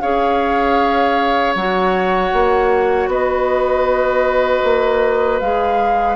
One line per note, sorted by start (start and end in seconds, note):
0.00 1.55 C#4
0.00 1.55 G#4
0.00 3.09 C#5
0.00 1.54 F5
1.55 2.32 F#3
1.55 5.42 F#4
1.55 3.09 F#5
2.33 3.07 A#3
3.07 4.61 B3
3.07 6.15 B4
3.07 5.39 D#5
4.63 5.40 A#3
5.39 6.15 G#3
5.39 6.15 G#4
5.39 6.15 F5